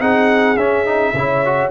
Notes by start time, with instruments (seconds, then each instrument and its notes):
0.00 tuba C4, trombone D#4, horn G#4, trumpet F#5
0.56 tuba C#4, trombone C#4, trumpet E5
0.85 trombone D#4
1.14 tuba C#3, trombone E4, horn C#5
1.45 trombone F#4